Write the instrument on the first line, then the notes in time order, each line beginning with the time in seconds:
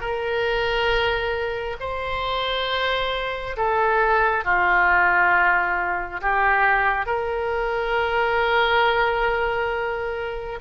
oboe
0.00 A#4
1.79 C5
3.57 A4
4.44 F4
6.21 G4
7.05 A#4